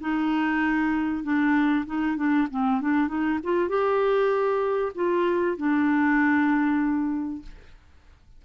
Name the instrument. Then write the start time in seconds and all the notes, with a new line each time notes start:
clarinet
0.00 D#4
1.23 D4
1.86 D#4
2.16 D4
2.51 C4
2.81 D4
3.08 D#4
3.43 F4
3.68 G4
4.95 F4
5.57 D4